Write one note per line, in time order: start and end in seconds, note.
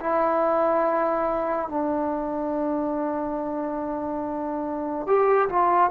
0.00 1.68 E4
1.68 5.06 D4
5.06 5.49 G4
5.49 5.90 F4